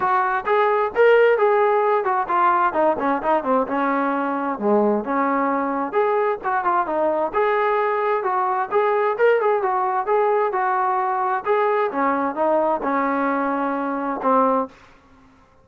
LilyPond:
\new Staff \with { instrumentName = "trombone" } { \time 4/4 \tempo 4 = 131 fis'4 gis'4 ais'4 gis'4~ | gis'8 fis'8 f'4 dis'8 cis'8 dis'8 c'8 | cis'2 gis4 cis'4~ | cis'4 gis'4 fis'8 f'8 dis'4 |
gis'2 fis'4 gis'4 | ais'8 gis'8 fis'4 gis'4 fis'4~ | fis'4 gis'4 cis'4 dis'4 | cis'2. c'4 | }